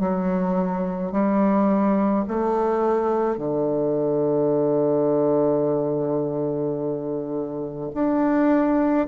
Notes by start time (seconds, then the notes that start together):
0.00 F#3
1.12 G3
2.28 A3
3.38 D3
7.95 D4